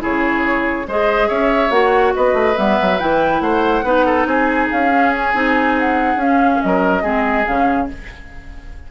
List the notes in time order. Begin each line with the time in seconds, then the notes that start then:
0.00 C#3 E4 G#4 C#5
0.87 G#3 G#4 C5 D#5
1.28 C#4 C#5 E5
1.70 A#3 F#4 F#5
2.16 B3 B4 D#5
2.34 A3
2.55 G3 B3 E5
2.81 F#3
2.99 E3 E4 G5
3.41 A3 C5 F#5
3.84 B3 D#4 B4
4.06 A4
4.26 C4 G#4 G#5
4.71 C#4 F5
4.90 C#4
5.15 G#5
5.34 C4 D#4
5.79 F#5
6.16 C#4 F5
6.62 F#3 A#4 D#5
7.03 G#3 C4 G#4
7.46 C#3 C#4 F5